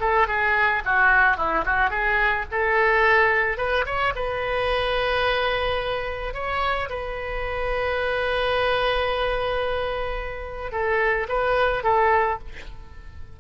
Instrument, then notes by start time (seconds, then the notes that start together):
oboe
0.00 A4
0.28 G#4
0.85 F#4
1.37 E4
1.65 F#4
1.90 G#4
2.51 A4
3.58 B4
3.86 C#5
4.16 B4
6.34 C#5
6.89 B4
10.72 A4
11.28 B4
11.83 A4